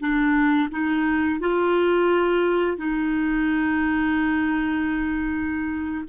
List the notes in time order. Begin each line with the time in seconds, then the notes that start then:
0.00 D4
0.71 D#4
1.40 F4
2.77 D#4